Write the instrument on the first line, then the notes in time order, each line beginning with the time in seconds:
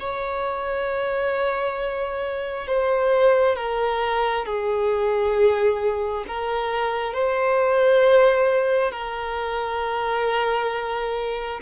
violin
0.00 C#5
2.67 C5
3.57 A#4
4.46 G#4
6.28 A#4
7.14 C5
8.92 A#4